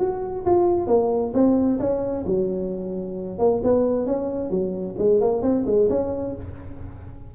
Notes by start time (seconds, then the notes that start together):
0.00 F#4
0.46 F4
0.87 A#3
1.34 C4
1.80 C#4
2.26 F#3
3.39 A#3
3.64 B3
4.07 C#4
4.50 F#3
4.98 G#3
5.21 A#3
5.42 C4
5.66 G#3
5.90 C#4